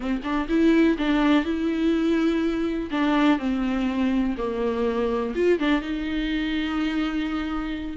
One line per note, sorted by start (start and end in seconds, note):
0.00 0.21 C4
0.23 0.47 D4
0.48 0.97 E4
0.97 1.44 D4
1.44 2.89 E4
2.90 3.38 D4
3.38 4.35 C4
4.37 5.34 A#3
5.35 5.59 F4
5.59 5.81 D4
5.81 7.97 D#4